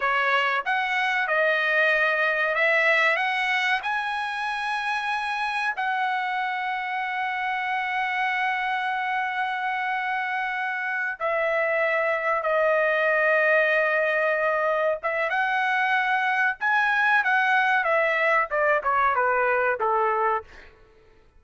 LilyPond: \new Staff \with { instrumentName = "trumpet" } { \time 4/4 \tempo 4 = 94 cis''4 fis''4 dis''2 | e''4 fis''4 gis''2~ | gis''4 fis''2.~ | fis''1~ |
fis''4. e''2 dis''8~ | dis''2.~ dis''8 e''8 | fis''2 gis''4 fis''4 | e''4 d''8 cis''8 b'4 a'4 | }